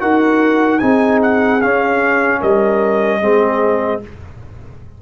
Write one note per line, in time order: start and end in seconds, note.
0.00 0.82 D#4
0.00 0.80 F#4
0.00 0.82 A#4
0.00 0.80 F#5
0.80 1.62 C4
0.80 1.61 D#4
0.80 2.40 G#4
0.80 1.20 G#5
1.23 1.62 F#5
1.62 2.42 C#4
1.62 3.22 C#4
1.62 2.42 F5
2.40 3.22 G3
2.40 3.20 A#4
2.40 4.02 D#5
3.22 4.02 G#3
3.22 4.02 C4
3.22 4.02 G#4